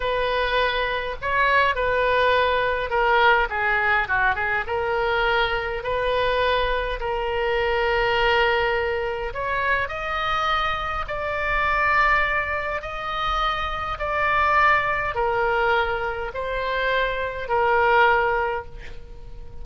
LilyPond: \new Staff \with { instrumentName = "oboe" } { \time 4/4 \tempo 4 = 103 b'2 cis''4 b'4~ | b'4 ais'4 gis'4 fis'8 gis'8 | ais'2 b'2 | ais'1 |
cis''4 dis''2 d''4~ | d''2 dis''2 | d''2 ais'2 | c''2 ais'2 | }